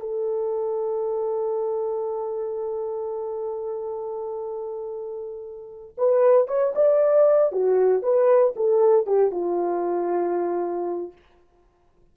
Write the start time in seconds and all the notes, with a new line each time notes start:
0.00 A4
5.97 B4
6.48 C#5
6.75 D5
7.52 F#4
8.02 B4
8.56 A4
9.07 G4
9.31 F4